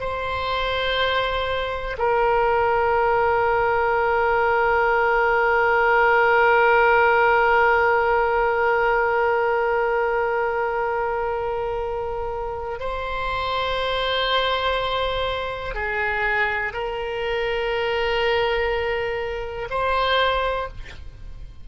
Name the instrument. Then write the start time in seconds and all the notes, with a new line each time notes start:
oboe
0.00 C5
1.98 A#4
12.80 C5
15.74 G#4
16.73 A#4
19.70 C5